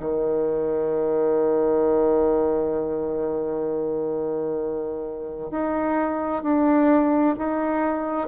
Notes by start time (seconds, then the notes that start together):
0.00 D#3
5.51 D#4
6.42 D4
7.38 D#4